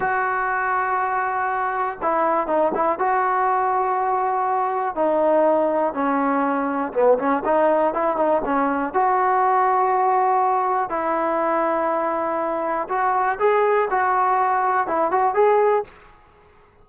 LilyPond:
\new Staff \with { instrumentName = "trombone" } { \time 4/4 \tempo 4 = 121 fis'1 | e'4 dis'8 e'8 fis'2~ | fis'2 dis'2 | cis'2 b8 cis'8 dis'4 |
e'8 dis'8 cis'4 fis'2~ | fis'2 e'2~ | e'2 fis'4 gis'4 | fis'2 e'8 fis'8 gis'4 | }